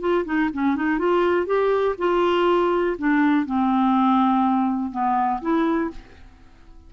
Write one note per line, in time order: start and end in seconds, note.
0.00 0.25 F4
0.25 0.50 D#4
0.53 0.76 C#4
0.76 0.99 D#4
0.99 1.46 F4
1.46 1.95 G4
1.98 2.96 F4
2.98 3.46 D4
3.46 4.91 C4
4.91 5.40 B3
5.41 5.90 E4